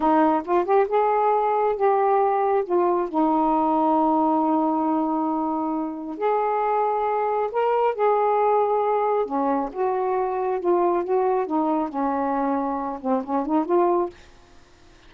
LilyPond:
\new Staff \with { instrumentName = "saxophone" } { \time 4/4 \tempo 4 = 136 dis'4 f'8 g'8 gis'2 | g'2 f'4 dis'4~ | dis'1~ | dis'2 gis'2~ |
gis'4 ais'4 gis'2~ | gis'4 cis'4 fis'2 | f'4 fis'4 dis'4 cis'4~ | cis'4. c'8 cis'8 dis'8 f'4 | }